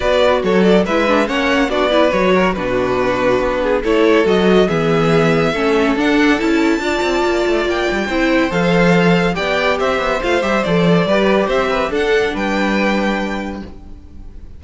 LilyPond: <<
  \new Staff \with { instrumentName = "violin" } { \time 4/4 \tempo 4 = 141 d''4 cis''8 d''8 e''4 fis''4 | d''4 cis''4 b'2~ | b'4 cis''4 dis''4 e''4~ | e''2 fis''4 a''4~ |
a''2 g''2 | f''2 g''4 e''4 | f''8 e''8 d''2 e''4 | fis''4 g''2. | }
  \new Staff \with { instrumentName = "violin" } { \time 4/4 b'4 a'4 b'4 cis''4 | fis'8 b'4 ais'8 fis'2~ | fis'8 gis'8 a'2 gis'4~ | gis'4 a'2. |
d''2. c''4~ | c''2 d''4 c''4~ | c''2 b'4 c''8 b'8 | a'4 b'2. | }
  \new Staff \with { instrumentName = "viola" } { \time 4/4 fis'2 e'8 d'8 cis'4 | d'8 e'8 fis'4 d'2~ | d'4 e'4 fis'4 b4~ | b4 cis'4 d'4 e'4 |
f'2. e'4 | a'2 g'2 | f'8 g'8 a'4 g'2 | d'1 | }
  \new Staff \with { instrumentName = "cello" } { \time 4/4 b4 fis4 gis4 ais4 | b4 fis4 b,2 | b4 a4 fis4 e4~ | e4 a4 d'4 cis'4 |
d'8 c'8 ais8 a8 ais8 g8 c'4 | f2 b4 c'8 b8 | a8 g8 f4 g4 c'4 | d'4 g2. | }
>>